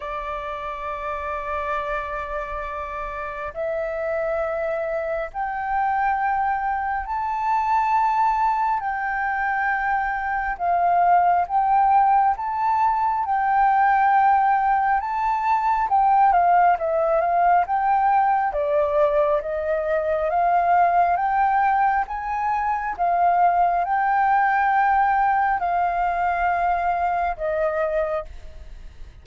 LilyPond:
\new Staff \with { instrumentName = "flute" } { \time 4/4 \tempo 4 = 68 d''1 | e''2 g''2 | a''2 g''2 | f''4 g''4 a''4 g''4~ |
g''4 a''4 g''8 f''8 e''8 f''8 | g''4 d''4 dis''4 f''4 | g''4 gis''4 f''4 g''4~ | g''4 f''2 dis''4 | }